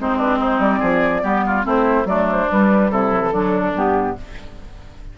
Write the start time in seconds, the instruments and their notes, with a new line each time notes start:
0.00 bassoon G#3, clarinet C4, oboe D#4, flute C5
0.18 oboe D4, flute B4
0.39 oboe D#4, flute C5
0.59 bassoon G3, flute D5
0.80 bassoon F3, oboe G#4
1.22 bassoon G3, clarinet B3, oboe G4
1.47 oboe F4
1.63 bassoon A3, clarinet C4, oboe E4, flute C5
2.05 bassoon F#3, clarinet A3, oboe D4, flute D5
2.32 flute C5
2.49 clarinet G3, bassoon G3, flute B4
2.91 bassoon C3, oboe E4, flute A4
3.11 clarinet F#3
3.21 clarinet E3
3.33 bassoon D3, clarinet F#3, oboe D4
3.74 bassoon G2, clarinet B3, flute G4